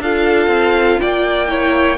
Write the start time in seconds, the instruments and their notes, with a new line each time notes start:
0.00 cello D4, viola F4, violin A4 F5
0.48 cello C4
1.00 cello A#3, violin D5 G5
1.48 viola E4, violin C#5